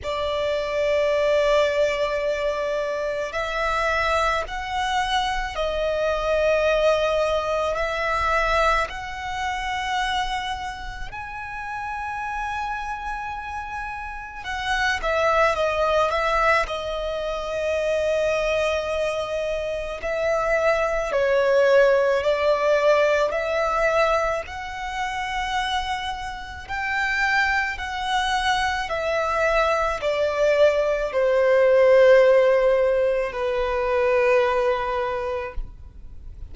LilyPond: \new Staff \with { instrumentName = "violin" } { \time 4/4 \tempo 4 = 54 d''2. e''4 | fis''4 dis''2 e''4 | fis''2 gis''2~ | gis''4 fis''8 e''8 dis''8 e''8 dis''4~ |
dis''2 e''4 cis''4 | d''4 e''4 fis''2 | g''4 fis''4 e''4 d''4 | c''2 b'2 | }